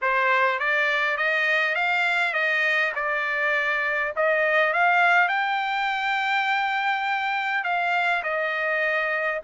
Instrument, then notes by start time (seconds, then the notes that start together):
trumpet
0.01 C5
0.59 D5
1.17 D#5
1.75 F5
2.33 D#5
2.95 D5
4.16 D#5
4.73 F5
5.28 G5
7.63 F5
8.23 D#5